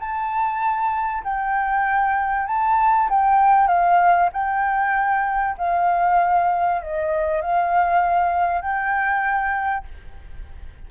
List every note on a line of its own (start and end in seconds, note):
0.00 1.24 A5
1.24 2.47 G5
2.47 3.09 A5
3.10 3.68 G5
3.68 4.30 F5
4.33 5.56 G5
5.58 6.82 F5
6.82 7.42 D#5
7.42 8.62 F5
8.62 9.85 G5